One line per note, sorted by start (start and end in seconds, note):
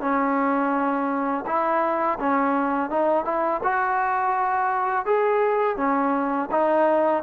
0.00 1.45 C#4
1.46 2.18 E4
2.19 2.89 C#4
2.89 3.24 D#4
3.24 3.60 E4
3.63 5.05 F#4
5.05 5.77 G#4
5.77 6.49 C#4
6.51 7.23 D#4